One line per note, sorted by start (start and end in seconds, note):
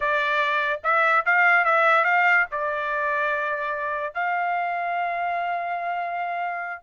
0.00 0.80 D5
0.83 1.25 E5
1.25 1.65 F5
1.65 2.04 E5
2.04 2.45 F5
2.51 4.14 D5
4.14 6.82 F5